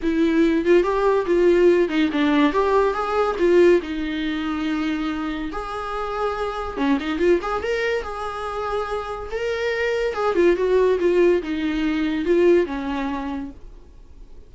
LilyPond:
\new Staff \with { instrumentName = "viola" } { \time 4/4 \tempo 4 = 142 e'4. f'8 g'4 f'4~ | f'8 dis'8 d'4 g'4 gis'4 | f'4 dis'2.~ | dis'4 gis'2. |
cis'8 dis'8 f'8 gis'8 ais'4 gis'4~ | gis'2 ais'2 | gis'8 f'8 fis'4 f'4 dis'4~ | dis'4 f'4 cis'2 | }